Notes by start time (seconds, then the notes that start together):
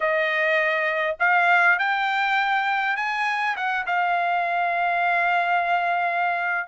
0.00 D#5
1.19 F5
1.78 G5
2.96 G#5
3.56 F#5
3.86 F5